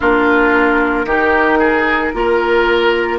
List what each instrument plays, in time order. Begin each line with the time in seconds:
0.00 bassoon A#3, clarinet D4, oboe F4, flute A#4
1.05 bassoon D#3, clarinet D#4, oboe G4
1.58 oboe G#4
2.13 bassoon A#3, clarinet F4, oboe A#4